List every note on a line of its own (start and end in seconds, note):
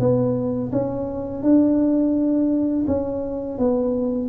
0.00 0.71 B3
0.72 1.43 C#4
1.43 2.86 D4
2.87 3.59 C#4
3.59 4.30 B3